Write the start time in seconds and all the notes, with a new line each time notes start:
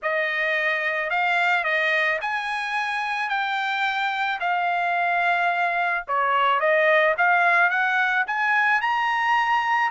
0.02 D#5
1.10 F5
1.64 D#5
2.21 G#5
3.29 G5
4.39 F5
6.07 C#5
6.60 D#5
7.17 F5
7.69 F#5
8.26 G#5
8.81 A#5